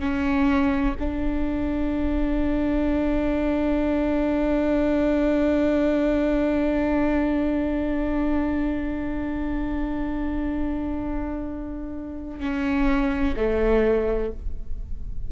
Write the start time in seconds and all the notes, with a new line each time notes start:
0.00 C#4
1.00 D4
12.40 C#4
13.36 A3